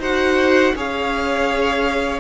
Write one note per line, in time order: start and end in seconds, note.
0.00 0.73 D#4
0.00 0.75 F#4
0.00 0.74 C5
0.00 0.75 F#5
0.76 2.20 C#4
0.76 2.20 G#4
0.76 2.20 C#5
0.76 2.20 F5